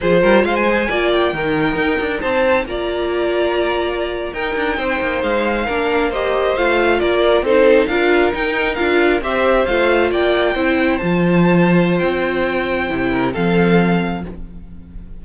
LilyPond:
<<
  \new Staff \with { instrumentName = "violin" } { \time 4/4 \tempo 4 = 135 c''4 f''16 gis''4~ gis''16 g''4.~ | g''4 a''4 ais''2~ | ais''4.~ ais''16 g''2 f''16~ | f''4.~ f''16 dis''4 f''4 d''16~ |
d''8. c''4 f''4 g''4 f''16~ | f''8. e''4 f''4 g''4~ g''16~ | g''8. a''2~ a''16 g''4~ | g''2 f''2 | }
  \new Staff \with { instrumentName = "violin" } { \time 4/4 gis'8 ais'8 c''4 d''4 ais'4~ | ais'4 c''4 d''2~ | d''4.~ d''16 ais'4 c''4~ c''16~ | c''8. ais'4 c''2 ais'16~ |
ais'8. a'4 ais'2~ ais'16~ | ais'8. c''2 d''4 c''16~ | c''1~ | c''4. ais'8 a'2 | }
  \new Staff \with { instrumentName = "viola" } { \time 4/4 f'4. gis'8 f'4 dis'4~ | dis'2 f'2~ | f'4.~ f'16 dis'2~ dis'16~ | dis'8. d'4 g'4 f'4~ f'16~ |
f'8. dis'4 f'4 dis'4 f'16~ | f'8. g'4 f'2 e'16~ | e'8. f'2.~ f'16~ | f'4 e'4 c'2 | }
  \new Staff \with { instrumentName = "cello" } { \time 4/4 f8 g8 gis4 ais4 dis4 | dis'8 d'8 c'4 ais2~ | ais4.~ ais16 dis'8 d'8 c'8 ais8 gis16~ | gis8. ais2 a4 ais16~ |
ais8. c'4 d'4 dis'4 d'16~ | d'8. c'4 a4 ais4 c'16~ | c'8. f2~ f16 c'4~ | c'4 c4 f2 | }
>>